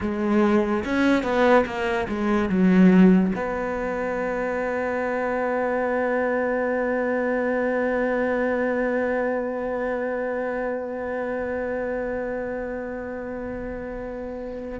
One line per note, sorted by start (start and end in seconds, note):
0.00 0.84 G#3
0.84 1.23 C#4
1.23 1.64 B3
1.65 2.07 A#3
2.08 2.48 G#3
2.48 3.32 F#3
3.35 14.79 B3